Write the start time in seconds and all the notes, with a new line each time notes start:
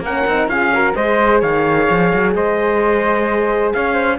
0.00 A#3 A#4 F#5
0.07 C#4
0.27 C4 D#4
0.48 C#4 F4 G#4 F5
0.74 F#4 A#4
0.95 G#3 G#4 C5 D#5
1.41 D#3 C#5 F5
1.90 F3
2.14 F#3
2.35 G#3 C5 D#5
3.74 C#4 C#5 F5
3.94 C5